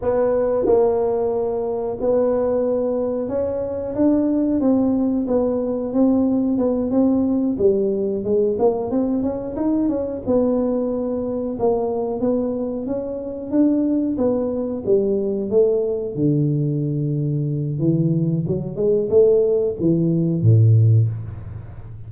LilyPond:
\new Staff \with { instrumentName = "tuba" } { \time 4/4 \tempo 4 = 91 b4 ais2 b4~ | b4 cis'4 d'4 c'4 | b4 c'4 b8 c'4 g8~ | g8 gis8 ais8 c'8 cis'8 dis'8 cis'8 b8~ |
b4. ais4 b4 cis'8~ | cis'8 d'4 b4 g4 a8~ | a8 d2~ d8 e4 | fis8 gis8 a4 e4 a,4 | }